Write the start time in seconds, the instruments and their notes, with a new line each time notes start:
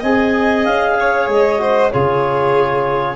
0.00 tuba C4, trombone G#4, violin D#5, clarinet G#5
0.65 tuba C#4, clarinet F5
1.00 violin C#5
1.28 tuba G#3, clarinet D#5
1.58 trombone F#4, violin C5
1.91 tuba C#3, trombone F4, violin G#4, clarinet C#5